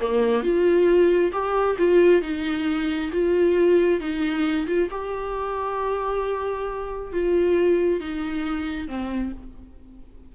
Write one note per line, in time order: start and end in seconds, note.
0.00 0.43 A#3
0.43 1.32 F4
1.32 1.76 G4
1.78 2.22 F4
2.22 3.11 D#4
3.12 4.00 F4
4.00 4.67 D#4
4.67 4.89 F4
4.90 7.13 G4
7.13 8.00 F4
8.00 8.88 D#4
8.88 9.32 C4